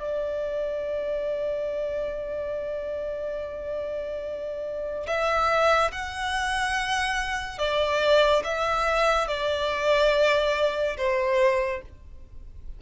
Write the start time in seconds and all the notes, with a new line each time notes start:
0.00 D5
5.07 E5
5.92 F#5
7.59 D5
8.45 E5
9.28 D5
10.98 C5